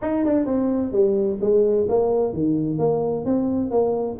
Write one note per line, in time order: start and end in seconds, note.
0.01 0.24 D#4
0.25 0.45 D4
0.45 0.92 C4
0.92 1.38 G3
1.40 1.87 G#3
1.88 2.33 A#3
2.33 2.78 D#3
2.78 3.25 A#3
3.25 3.71 C4
3.71 4.17 A#3